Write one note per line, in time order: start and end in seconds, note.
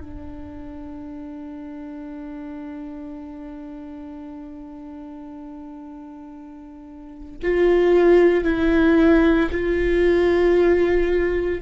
0.00 7.37 D4
7.42 8.44 F4
8.44 9.49 E4
9.51 11.61 F4